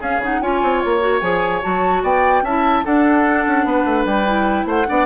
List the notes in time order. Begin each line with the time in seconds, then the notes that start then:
0.00 C#4 G#4 F5
0.18 C#3 D#4 F#5
0.42 C#4 F4 C#5 G#5
0.62 C4
0.81 A#3 C#5
1.00 F#4
1.21 F3 G#4 G#5
1.62 F#3 F#4 A5
2.03 B3 D5 G5
2.42 C#4 E4 E5 A5
2.84 D4 A4 F#5
3.47 C#4
3.64 B3 B4
3.85 A3
4.05 G3 G5
4.26 E4
4.65 A3 C5 F#5
4.86 B3 D4 D5